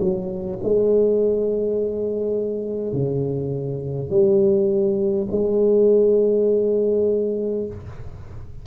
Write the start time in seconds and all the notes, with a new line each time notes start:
0.00 F#3
0.64 G#3
2.93 C#3
4.10 G3
5.32 G#3